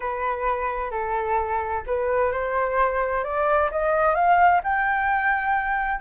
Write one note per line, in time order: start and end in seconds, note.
0.00 0.90 B4
0.90 1.83 A4
1.86 2.32 B4
2.32 3.23 C5
3.23 3.70 D5
3.71 4.15 D#5
4.15 4.61 F5
4.63 6.00 G5